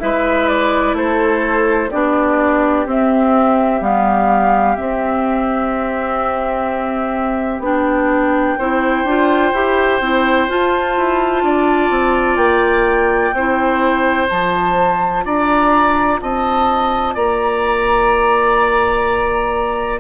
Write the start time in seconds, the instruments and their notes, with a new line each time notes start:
0.00 bassoon G#3, clarinet E4, oboe B4, flute E5
0.48 flute D5
0.93 bassoon A3, oboe A4, flute C5
1.90 bassoon B3, clarinet D4, oboe G4, flute D5
2.86 bassoon C4, clarinet C4, flute E5
3.81 bassoon G3, clarinet B3, flute F5
4.76 clarinet C4, bassoon C4, flute E5
7.60 bassoon B3, clarinet D4, flute G5
8.58 bassoon C4, clarinet E4, oboe C5
9.04 bassoon D4, clarinet F4
9.53 bassoon E4, clarinet G4
10.00 bassoon C4, clarinet E4
10.48 bassoon F4, clarinet F4, flute A5
10.97 bassoon E4
11.43 bassoon D4, oboe D5
11.90 bassoon C4
12.36 bassoon A#3, flute G5
13.33 bassoon C4, clarinet E4, oboe C5
14.27 bassoon F3, clarinet F4, flute A5
15.25 bassoon D4, oboe D5, flute A#5
16.21 bassoon C4, oboe D#5, flute A5
17.14 bassoon A#3, oboe D5, flute A#5